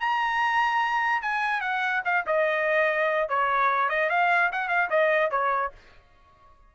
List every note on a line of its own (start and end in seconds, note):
0.00 1.22 A#5
1.22 1.61 G#5
1.61 2.02 F#5
2.05 2.25 F5
2.26 3.29 D#5
3.29 3.89 C#5
3.89 4.09 D#5
4.09 4.51 F5
4.52 4.68 F#5
4.68 4.89 F5
4.90 5.31 D#5
5.31 5.72 C#5